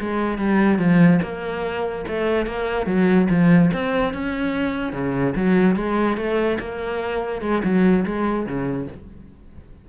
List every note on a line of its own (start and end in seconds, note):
0.00 0.38 G#3
0.38 0.78 G3
0.78 1.20 F3
1.22 2.05 A#3
2.07 2.46 A3
2.46 2.86 A#3
2.86 3.27 F#3
3.30 3.71 F3
3.73 4.13 C4
4.13 4.92 C#4
4.92 5.34 C#3
5.35 5.76 F#3
5.76 6.17 G#3
6.17 6.58 A3
6.59 7.41 A#3
7.41 7.62 G#3
7.63 8.05 F#3
8.05 8.46 G#3
8.46 8.87 C#3